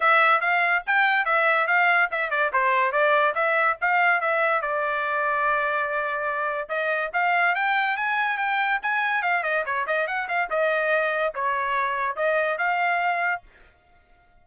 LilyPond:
\new Staff \with { instrumentName = "trumpet" } { \time 4/4 \tempo 4 = 143 e''4 f''4 g''4 e''4 | f''4 e''8 d''8 c''4 d''4 | e''4 f''4 e''4 d''4~ | d''1 |
dis''4 f''4 g''4 gis''4 | g''4 gis''4 f''8 dis''8 cis''8 dis''8 | fis''8 f''8 dis''2 cis''4~ | cis''4 dis''4 f''2 | }